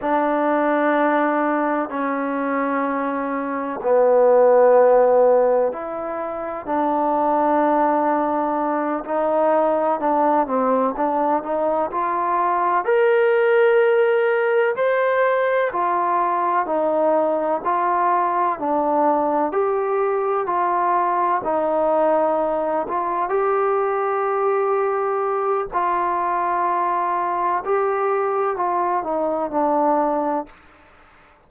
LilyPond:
\new Staff \with { instrumentName = "trombone" } { \time 4/4 \tempo 4 = 63 d'2 cis'2 | b2 e'4 d'4~ | d'4. dis'4 d'8 c'8 d'8 | dis'8 f'4 ais'2 c''8~ |
c''8 f'4 dis'4 f'4 d'8~ | d'8 g'4 f'4 dis'4. | f'8 g'2~ g'8 f'4~ | f'4 g'4 f'8 dis'8 d'4 | }